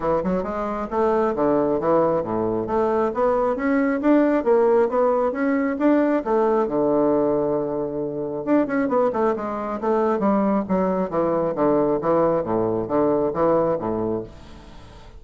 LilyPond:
\new Staff \with { instrumentName = "bassoon" } { \time 4/4 \tempo 4 = 135 e8 fis8 gis4 a4 d4 | e4 a,4 a4 b4 | cis'4 d'4 ais4 b4 | cis'4 d'4 a4 d4~ |
d2. d'8 cis'8 | b8 a8 gis4 a4 g4 | fis4 e4 d4 e4 | a,4 d4 e4 a,4 | }